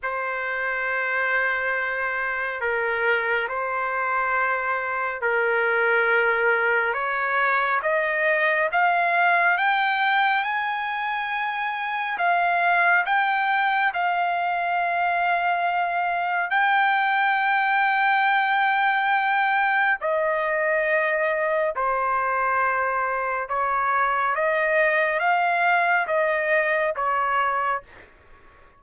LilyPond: \new Staff \with { instrumentName = "trumpet" } { \time 4/4 \tempo 4 = 69 c''2. ais'4 | c''2 ais'2 | cis''4 dis''4 f''4 g''4 | gis''2 f''4 g''4 |
f''2. g''4~ | g''2. dis''4~ | dis''4 c''2 cis''4 | dis''4 f''4 dis''4 cis''4 | }